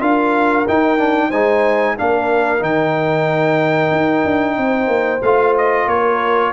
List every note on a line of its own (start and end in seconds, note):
0.00 0.66 D4
0.00 0.65 F4
0.00 1.28 A#4
0.00 0.66 F5
0.68 0.98 D#4
0.68 1.32 D#4
0.68 1.31 G5
0.98 1.31 D4
1.28 1.98 G#3
1.28 1.97 D#4
1.28 1.93 C5
1.28 1.96 G#5
1.97 2.61 A#3
1.97 2.59 D4
1.97 4.58 A#4
1.97 2.63 F5
2.59 3.91 D#3
2.59 5.20 D#4
2.59 5.22 G5
3.91 4.24 D#4
4.25 4.57 D4
4.57 4.87 C4
4.57 5.89 C5
4.87 5.20 A#3
5.22 5.87 A3
5.22 6.53 F4
5.22 5.55 F5
5.58 5.88 D#5
5.87 6.52 A#3
5.87 6.53 A#4
5.87 6.53 C#5